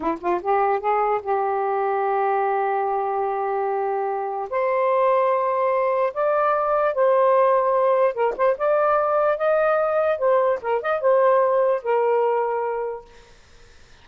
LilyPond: \new Staff \with { instrumentName = "saxophone" } { \time 4/4 \tempo 4 = 147 e'8 f'8 g'4 gis'4 g'4~ | g'1~ | g'2. c''4~ | c''2. d''4~ |
d''4 c''2. | ais'8 c''8 d''2 dis''4~ | dis''4 c''4 ais'8 dis''8 c''4~ | c''4 ais'2. | }